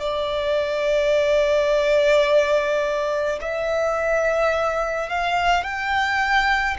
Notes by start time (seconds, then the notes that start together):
0.00 D5
3.41 E5
5.10 F5
5.64 G5